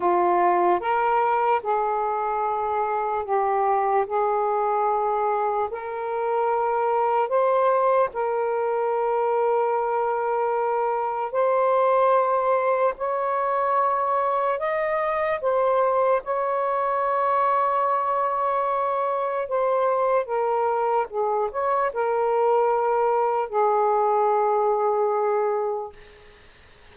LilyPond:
\new Staff \with { instrumentName = "saxophone" } { \time 4/4 \tempo 4 = 74 f'4 ais'4 gis'2 | g'4 gis'2 ais'4~ | ais'4 c''4 ais'2~ | ais'2 c''2 |
cis''2 dis''4 c''4 | cis''1 | c''4 ais'4 gis'8 cis''8 ais'4~ | ais'4 gis'2. | }